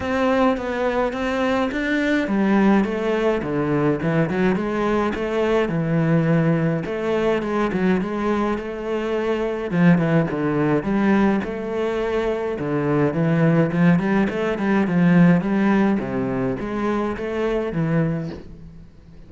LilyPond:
\new Staff \with { instrumentName = "cello" } { \time 4/4 \tempo 4 = 105 c'4 b4 c'4 d'4 | g4 a4 d4 e8 fis8 | gis4 a4 e2 | a4 gis8 fis8 gis4 a4~ |
a4 f8 e8 d4 g4 | a2 d4 e4 | f8 g8 a8 g8 f4 g4 | c4 gis4 a4 e4 | }